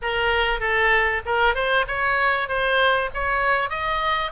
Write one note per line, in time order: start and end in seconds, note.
0.02 0.60 A#4
0.60 1.21 A4
1.25 1.54 A#4
1.54 1.85 C5
1.87 2.48 C#5
2.48 3.10 C5
3.13 3.69 C#5
3.69 4.31 D#5